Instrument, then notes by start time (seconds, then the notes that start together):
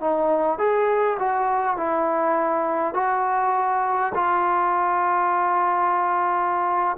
trombone
0.00 D#4
0.58 G#4
1.19 F#4
1.77 E4
2.94 F#4
4.14 F4